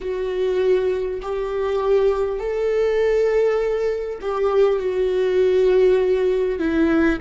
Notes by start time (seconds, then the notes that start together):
0.01 F#4
1.22 G4
2.39 A4
4.21 G4
4.79 F#4
6.58 E4